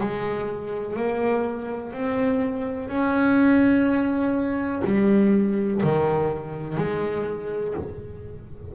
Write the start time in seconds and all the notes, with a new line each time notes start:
0.00 G#3
0.96 A#3
1.93 C4
2.89 C#4
4.85 G3
5.83 D#3
6.77 G#3